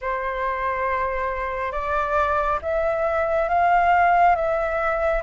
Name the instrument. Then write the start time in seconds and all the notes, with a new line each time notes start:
flute
0.01 C5
1.72 D5
2.62 E5
3.48 F5
4.35 E5